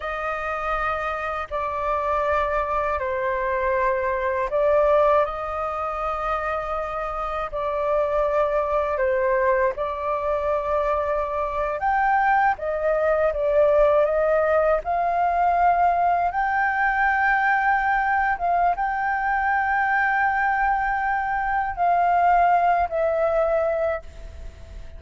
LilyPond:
\new Staff \with { instrumentName = "flute" } { \time 4/4 \tempo 4 = 80 dis''2 d''2 | c''2 d''4 dis''4~ | dis''2 d''2 | c''4 d''2~ d''8. g''16~ |
g''8. dis''4 d''4 dis''4 f''16~ | f''4.~ f''16 g''2~ g''16~ | g''8 f''8 g''2.~ | g''4 f''4. e''4. | }